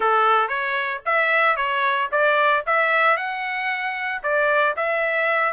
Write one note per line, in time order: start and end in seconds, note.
0.00 0.48 A4
0.48 1.01 C#5
1.05 1.56 E5
1.56 2.09 C#5
2.11 2.64 D5
2.66 3.16 E5
3.16 4.22 F#5
4.22 4.75 D5
4.76 5.53 E5